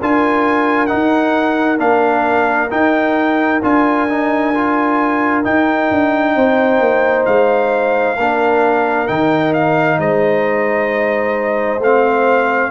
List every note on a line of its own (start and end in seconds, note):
0.00 0.92 D4
0.00 0.88 F4
0.00 6.36 A#4
0.00 0.87 G#5
0.87 1.78 D#4
0.87 1.78 F#5
0.93 1.80 D#4
1.78 2.70 A#3
1.78 2.69 D4
1.78 2.71 F5
2.70 3.61 D#4
2.70 3.62 D#4
2.70 3.62 G5
3.63 5.45 D4
3.63 4.09 F4
3.63 5.45 G#5
4.09 4.54 D#4
4.55 5.44 F4
5.44 8.17 D#4
5.44 5.91 D#4
5.44 7.26 G5
5.91 6.36 D4
6.36 6.80 C4
6.36 8.16 C5
6.80 7.26 A#3
7.26 8.18 G#3
7.26 9.08 F5
8.16 9.09 A#3
8.16 9.08 D4
8.16 9.98 A#4
9.08 9.99 D#3
9.08 11.80 D#4
9.08 9.53 G5
9.54 9.99 F5
9.99 11.79 G#3
9.99 12.71 C5
9.99 11.82 D#5
11.79 12.70 A3
11.79 12.71 C4
11.79 12.71 F5